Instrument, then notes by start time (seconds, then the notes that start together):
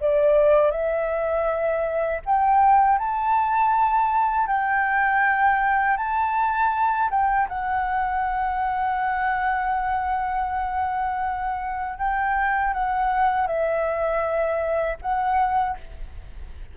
flute
0.00 D5
0.71 E5
2.25 G5
2.98 A5
4.47 G5
5.97 A5
7.10 G5
7.48 F#5
11.98 G5
12.73 F#5
13.46 E5
15.02 F#5